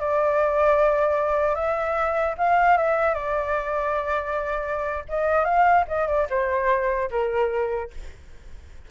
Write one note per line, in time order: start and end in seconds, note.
0.00 1.55 D5
1.55 2.35 E5
2.38 2.77 F5
2.77 3.14 E5
3.14 5.04 D5
5.09 5.45 D#5
5.45 5.85 F5
5.88 6.07 D#5
6.07 6.27 D5
6.30 7.10 C5
7.11 7.91 A#4